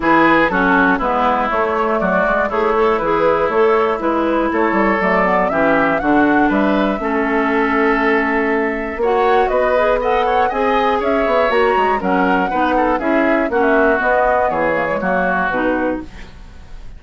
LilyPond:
<<
  \new Staff \with { instrumentName = "flute" } { \time 4/4 \tempo 4 = 120 b'4 a'4 b'4 cis''4 | d''4 cis''4 b'4 cis''4 | b'4 cis''4 d''4 e''4 | fis''4 e''2.~ |
e''2 fis''4 dis''4 | fis''4 gis''4 e''4 ais''4 | fis''2 e''4 fis''16 e''8. | dis''4 cis''2 b'4 | }
  \new Staff \with { instrumentName = "oboe" } { \time 4/4 gis'4 fis'4 e'2 | fis'4 e'2.~ | e'4 a'2 g'4 | fis'4 b'4 a'2~ |
a'2 cis''4 b'4 | dis''8 cis''8 dis''4 cis''2 | ais'4 b'8 a'8 gis'4 fis'4~ | fis'4 gis'4 fis'2 | }
  \new Staff \with { instrumentName = "clarinet" } { \time 4/4 e'4 cis'4 b4 a4~ | a4 gis'8 a'8 gis'4 a'4 | e'2 a8 b8 cis'4 | d'2 cis'2~ |
cis'2 fis'4. gis'8 | a'4 gis'2 fis'4 | cis'4 dis'4 e'4 cis'4 | b4. ais16 gis16 ais4 dis'4 | }
  \new Staff \with { instrumentName = "bassoon" } { \time 4/4 e4 fis4 gis4 a4 | fis8 gis8 a4 e4 a4 | gis4 a8 g8 fis4 e4 | d4 g4 a2~ |
a2 ais4 b4~ | b4 c'4 cis'8 b8 ais8 gis8 | fis4 b4 cis'4 ais4 | b4 e4 fis4 b,4 | }
>>